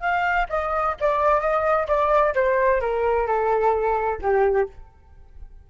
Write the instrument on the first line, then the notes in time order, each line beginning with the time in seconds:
flute
0.00 F5
0.49 D#5
1.00 D5
1.40 D#5
1.88 D5
2.34 C5
2.80 A#4
3.27 A4
4.21 G4